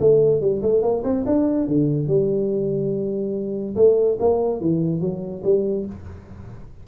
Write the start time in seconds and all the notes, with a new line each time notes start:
0.00 A3
0.41 G3
0.62 A3
0.82 A#3
1.03 C4
1.25 D4
1.67 D3
2.07 G3
3.76 A3
4.20 A#3
4.61 E3
5.01 F#3
5.44 G3